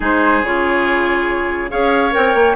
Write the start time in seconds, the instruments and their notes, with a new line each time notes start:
0.00 bassoon G#3, clarinet D#4, oboe G#4, flute C5
0.43 bassoon C#3, clarinet F4, flute C#5
1.70 bassoon C#4, clarinet G#4, oboe C#5, flute F5
2.11 bassoon C4, clarinet A#4, flute G5
2.34 bassoon A#3